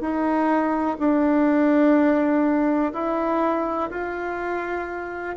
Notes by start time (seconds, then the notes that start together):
0.00 D#4
0.99 D4
2.93 E4
3.90 F4